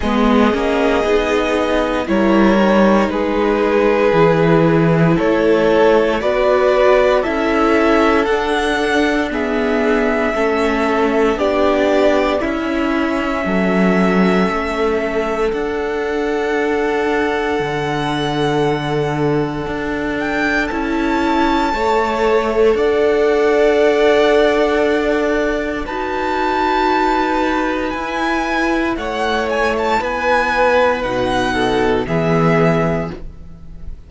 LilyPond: <<
  \new Staff \with { instrumentName = "violin" } { \time 4/4 \tempo 4 = 58 dis''2 cis''4 b'4~ | b'4 cis''4 d''4 e''4 | fis''4 e''2 d''4 | e''2. fis''4~ |
fis''2.~ fis''8 g''8 | a''2 fis''2~ | fis''4 a''2 gis''4 | fis''8 gis''16 a''16 gis''4 fis''4 e''4 | }
  \new Staff \with { instrumentName = "violin" } { \time 4/4 gis'2 ais'4 gis'4~ | gis'4 a'4 b'4 a'4~ | a'4 gis'4 a'4 g'4 | e'4 a'2.~ |
a'1~ | a'4 cis''4 d''2~ | d''4 b'2. | cis''4 b'4. a'8 gis'4 | }
  \new Staff \with { instrumentName = "viola" } { \time 4/4 b8 cis'8 dis'4 e'8 dis'4. | e'2 fis'4 e'4 | d'4 b4 cis'4 d'4 | cis'2. d'4~ |
d'1 | e'4 a'2.~ | a'4 fis'2 e'4~ | e'2 dis'4 b4 | }
  \new Staff \with { instrumentName = "cello" } { \time 4/4 gis8 ais8 b4 g4 gis4 | e4 a4 b4 cis'4 | d'2 a4 b4 | cis'4 fis4 a4 d'4~ |
d'4 d2 d'4 | cis'4 a4 d'2~ | d'4 dis'2 e'4 | a4 b4 b,4 e4 | }
>>